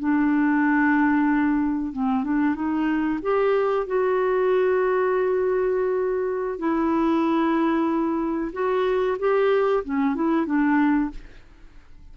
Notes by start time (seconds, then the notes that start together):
0.00 D4
1.93 C4
2.24 D4
2.55 D#4
3.23 G4
3.87 F#4
6.59 E4
8.53 F#4
9.19 G4
9.85 C#4
10.16 E4
10.46 D4